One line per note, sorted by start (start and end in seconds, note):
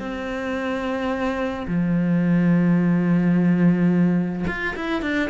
0.00 1.67 C4
1.68 4.45 F3
4.47 4.75 F4
4.76 5.02 E4
5.02 5.30 D4